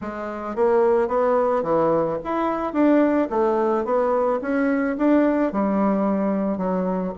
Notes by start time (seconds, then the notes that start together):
0.01 G#3
0.55 A#3
1.08 B3
1.62 E3
2.23 E4
2.73 D4
3.30 A3
3.84 B3
4.41 C#4
4.97 D4
5.52 G3
6.57 F#3